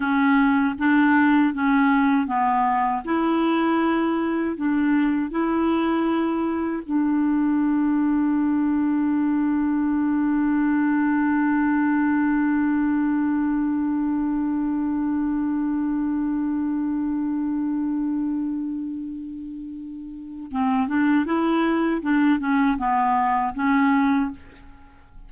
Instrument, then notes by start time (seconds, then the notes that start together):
clarinet
0.00 C#4
0.78 D4
1.54 C#4
2.26 B3
3.04 E4
4.56 D4
5.31 E4
6.86 D4
20.51 C4
20.88 D4
21.25 E4
22.01 D4
22.39 C#4
22.78 B3
23.54 C#4